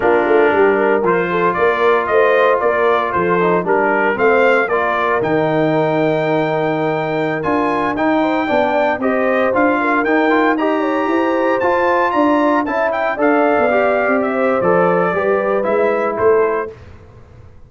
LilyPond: <<
  \new Staff \with { instrumentName = "trumpet" } { \time 4/4 \tempo 4 = 115 ais'2 c''4 d''4 | dis''4 d''4 c''4 ais'4 | f''4 d''4 g''2~ | g''2~ g''16 gis''4 g''8.~ |
g''4~ g''16 dis''4 f''4 g''8.~ | g''16 ais''2 a''4 ais''8.~ | ais''16 a''8 g''8 f''2 e''8. | d''2 e''4 c''4 | }
  \new Staff \with { instrumentName = "horn" } { \time 4/4 f'4 g'8 ais'4 a'8 ais'4 | c''4 ais'4 a'4 ais'4 | c''4 ais'2.~ | ais'2.~ ais'8. c''16~ |
c''16 d''4 c''4. ais'4~ ais'16~ | ais'16 dis''8 cis''8 c''2 d''8.~ | d''16 e''4 d''2~ d''16 c''8~ | c''4 b'2 a'4 | }
  \new Staff \with { instrumentName = "trombone" } { \time 4/4 d'2 f'2~ | f'2~ f'8 dis'8 d'4 | c'4 f'4 dis'2~ | dis'2~ dis'16 f'4 dis'8.~ |
dis'16 d'4 g'4 f'4 dis'8 f'16~ | f'16 g'2 f'4.~ f'16~ | f'16 e'4 a'4 g'4.~ g'16 | a'4 g'4 e'2 | }
  \new Staff \with { instrumentName = "tuba" } { \time 4/4 ais8 a8 g4 f4 ais4 | a4 ais4 f4 g4 | a4 ais4 dis2~ | dis2~ dis16 d'4 dis'8.~ |
dis'16 b4 c'4 d'4 dis'8.~ | dis'4~ dis'16 e'4 f'4 d'8.~ | d'16 cis'4 d'8. b4 c'4 | f4 g4 gis4 a4 | }
>>